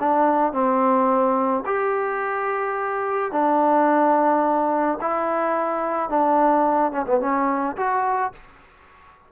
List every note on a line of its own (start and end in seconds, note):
0.00 0.53 D4
0.53 1.64 C4
1.66 3.32 G4
3.32 4.99 D4
5.01 6.10 E4
6.10 6.92 D4
6.92 7.06 C#4
7.07 7.21 B3
7.21 7.76 C#4
7.77 8.33 F#4